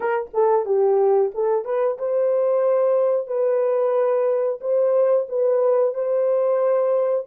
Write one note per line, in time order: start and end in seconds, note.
0.00 0.30 A#4
0.33 0.65 A4
0.65 1.31 G4
1.34 1.65 A4
1.65 1.98 B4
1.98 3.27 C5
3.27 4.59 B4
4.60 5.26 C5
5.28 5.94 B4
5.94 7.26 C5